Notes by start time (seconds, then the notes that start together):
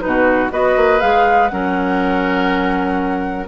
0.00 B2 D#4 B4
0.07 F#4
0.50 B3 F#4 B4 D#5
0.76 A#3
1.00 G#3 G#4 F5
1.48 F#3 C#4 A#4 F#5